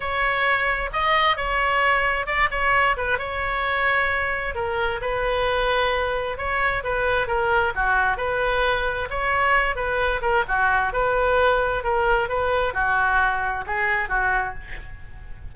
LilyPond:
\new Staff \with { instrumentName = "oboe" } { \time 4/4 \tempo 4 = 132 cis''2 dis''4 cis''4~ | cis''4 d''8 cis''4 b'8 cis''4~ | cis''2 ais'4 b'4~ | b'2 cis''4 b'4 |
ais'4 fis'4 b'2 | cis''4. b'4 ais'8 fis'4 | b'2 ais'4 b'4 | fis'2 gis'4 fis'4 | }